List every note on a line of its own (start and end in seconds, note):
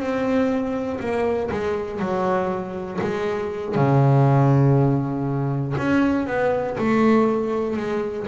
0.00 1.00 C4
1.00 1.50 A#3
1.52 2.00 G#3
2.00 3.00 F#3
3.02 3.75 G#3
3.75 5.75 C#3
5.78 6.27 C#4
6.27 6.77 B3
6.78 7.77 A3
7.77 8.27 G#3